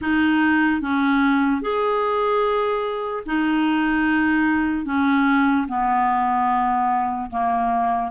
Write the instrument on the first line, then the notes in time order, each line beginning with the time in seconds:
clarinet
0.01 D#4
0.81 C#4
1.61 G#4
3.25 D#4
4.85 C#4
5.68 B3
7.30 A#3